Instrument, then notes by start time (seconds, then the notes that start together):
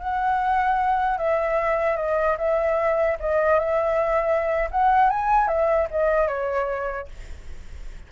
flute
0.00 F#5
1.18 E5
1.97 D#5
2.38 E5
3.20 D#5
3.60 E5
4.71 F#5
5.10 G#5
5.48 E5
5.91 D#5
6.28 C#5